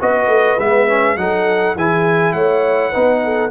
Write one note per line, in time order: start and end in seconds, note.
0.00 0.27 B3
0.00 0.58 F#4
0.00 1.19 B4
0.00 0.59 D#5
0.27 0.56 A3
0.58 1.17 G#3
0.58 0.87 B3
0.58 1.17 E5
0.87 1.17 C#4
1.17 1.75 F#3
1.17 1.76 D#4
1.17 1.76 A4
1.17 1.76 F#5
1.75 2.34 E3
1.75 2.92 E4
1.75 2.34 G#4
1.75 2.32 G#5
2.32 2.92 A3
2.32 2.90 C#5
2.32 3.50 F#5
2.90 3.50 B3
2.90 3.50 D#4
2.90 3.19 B4
3.24 3.50 A4